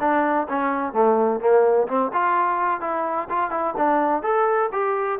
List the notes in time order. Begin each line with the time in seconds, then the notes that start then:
0.00 D4
0.49 C#4
0.93 A3
1.40 A#3
1.88 C4
2.13 F4
2.81 E4
3.29 F4
3.51 E4
3.77 D4
4.23 A4
4.72 G4